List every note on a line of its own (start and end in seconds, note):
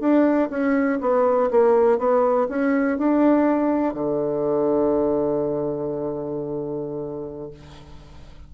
0.00 0.49 D4
0.50 0.99 C#4
1.01 1.50 B3
1.51 1.99 A#3
1.99 2.48 B3
2.49 2.98 C#4
2.98 3.94 D4
3.94 7.50 D3